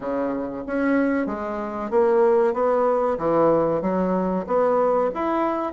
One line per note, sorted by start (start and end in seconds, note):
0.00 0.63 C#3
0.66 1.26 C#4
1.26 1.90 G#3
1.90 2.53 A#3
2.53 3.17 B3
3.17 3.81 E3
3.81 4.45 F#3
4.46 5.10 B3
5.14 5.72 E4